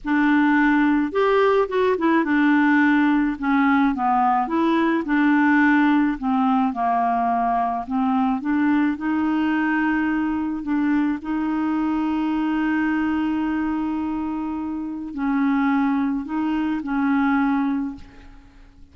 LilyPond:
\new Staff \with { instrumentName = "clarinet" } { \time 4/4 \tempo 4 = 107 d'2 g'4 fis'8 e'8 | d'2 cis'4 b4 | e'4 d'2 c'4 | ais2 c'4 d'4 |
dis'2. d'4 | dis'1~ | dis'2. cis'4~ | cis'4 dis'4 cis'2 | }